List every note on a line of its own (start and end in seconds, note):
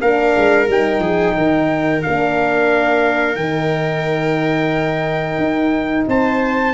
0.00 0.35 A#3
0.00 0.67 D4
0.00 1.01 A#4
0.00 0.68 F5
0.36 0.68 G#3
0.67 0.98 G3
0.67 2.02 D#4
0.67 2.02 G5
0.98 1.32 F3
0.98 1.35 G#4
1.36 2.04 D#3
1.36 6.08 A#4
2.02 3.36 A#3
2.02 3.38 D4
2.02 3.35 F5
3.35 5.38 D#3
3.35 6.74 D#4
3.35 6.05 G5
5.38 6.05 D#4
6.07 6.74 C4
6.07 6.74 C5
6.07 6.74 A5